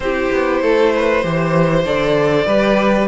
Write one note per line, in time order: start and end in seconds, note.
0.00 0.29 C4
0.00 1.22 E4
0.00 0.62 G4
0.00 1.85 C5
0.31 0.61 B3
0.61 1.23 A3
0.61 0.93 A4
0.95 1.24 B4
1.22 1.85 E3
1.22 1.84 G4
1.22 2.46 C5
1.85 2.45 D3
1.85 2.47 A4
1.85 3.08 D5
2.45 3.07 G3
2.45 3.08 G4
2.45 3.07 B4